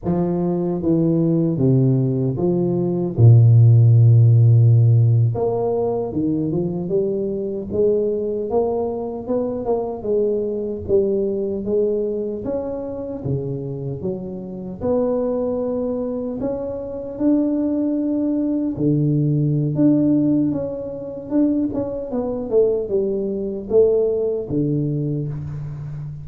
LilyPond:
\new Staff \with { instrumentName = "tuba" } { \time 4/4 \tempo 4 = 76 f4 e4 c4 f4 | ais,2~ ais,8. ais4 dis16~ | dis16 f8 g4 gis4 ais4 b16~ | b16 ais8 gis4 g4 gis4 cis'16~ |
cis'8. cis4 fis4 b4~ b16~ | b8. cis'4 d'2 d16~ | d4 d'4 cis'4 d'8 cis'8 | b8 a8 g4 a4 d4 | }